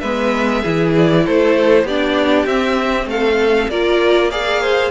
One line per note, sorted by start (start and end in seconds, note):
0.00 0.64 G#3
0.00 0.65 B3
0.00 0.61 B4
0.00 0.92 E5
0.61 1.27 E3
0.61 1.87 E4
0.61 1.23 G#4
0.96 1.27 D5
1.26 1.84 A3
1.26 1.85 A4
1.26 1.87 C5
1.84 2.45 B3
1.84 2.47 D4
1.84 3.08 G4
1.84 2.46 D5
2.46 3.06 C4
2.46 3.70 C4
2.46 3.07 E5
3.06 3.67 A3
3.06 3.71 A4
3.06 3.70 F5
3.69 4.91 A#3
3.69 4.31 F4
3.69 4.31 A#4
3.69 4.31 D5
4.31 4.92 G#4
4.31 4.62 D5
4.31 4.92 F5
4.62 4.92 C5